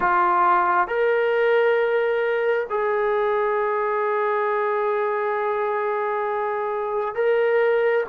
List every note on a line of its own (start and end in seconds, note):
0.00 0.87 F4
0.87 2.66 A#4
2.69 7.14 G#4
7.14 8.04 A#4